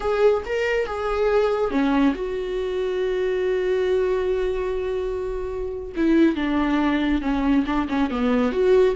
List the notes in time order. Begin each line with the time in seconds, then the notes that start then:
0.00 G#4
0.45 A#4
0.86 G#4
1.70 C#4
2.14 F#4
5.96 E4
6.35 D4
7.21 C#4
7.66 D4
7.88 C#4
8.10 B3
8.52 F#4